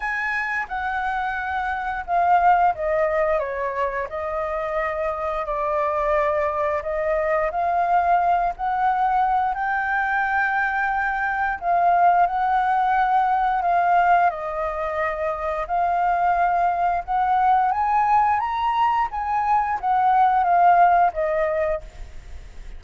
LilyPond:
\new Staff \with { instrumentName = "flute" } { \time 4/4 \tempo 4 = 88 gis''4 fis''2 f''4 | dis''4 cis''4 dis''2 | d''2 dis''4 f''4~ | f''8 fis''4. g''2~ |
g''4 f''4 fis''2 | f''4 dis''2 f''4~ | f''4 fis''4 gis''4 ais''4 | gis''4 fis''4 f''4 dis''4 | }